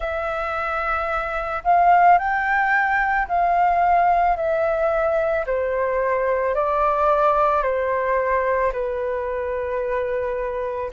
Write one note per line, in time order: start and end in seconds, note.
0.00 1.62 E5
1.64 2.18 F5
2.18 3.27 G5
3.27 4.36 F5
4.36 5.45 E5
5.46 6.55 C5
6.55 7.63 D5
7.63 8.72 C5
8.72 10.90 B4